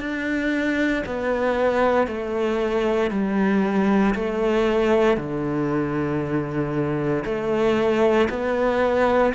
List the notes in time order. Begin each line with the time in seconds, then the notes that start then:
0.00 D4
1.06 B3
2.07 A3
3.11 G3
4.15 A3
5.17 D3
7.25 A3
8.29 B3